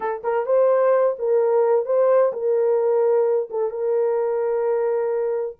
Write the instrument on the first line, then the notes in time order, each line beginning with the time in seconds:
horn
0.00 A4
0.23 A#4
0.46 C5
1.18 A#4
1.85 C5
2.32 A#4
3.50 A4
3.70 A#4